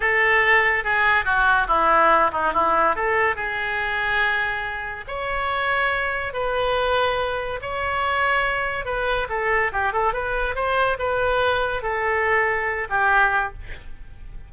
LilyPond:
\new Staff \with { instrumentName = "oboe" } { \time 4/4 \tempo 4 = 142 a'2 gis'4 fis'4 | e'4. dis'8 e'4 a'4 | gis'1 | cis''2. b'4~ |
b'2 cis''2~ | cis''4 b'4 a'4 g'8 a'8 | b'4 c''4 b'2 | a'2~ a'8 g'4. | }